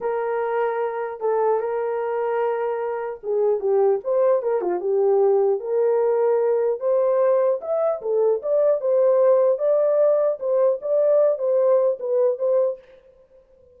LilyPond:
\new Staff \with { instrumentName = "horn" } { \time 4/4 \tempo 4 = 150 ais'2. a'4 | ais'1 | gis'4 g'4 c''4 ais'8 f'8 | g'2 ais'2~ |
ais'4 c''2 e''4 | a'4 d''4 c''2 | d''2 c''4 d''4~ | d''8 c''4. b'4 c''4 | }